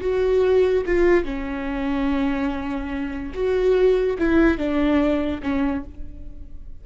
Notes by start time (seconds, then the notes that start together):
0.00 F#4
0.86 F4
1.24 C#4
3.34 F#4
4.18 E4
4.57 D4
5.42 C#4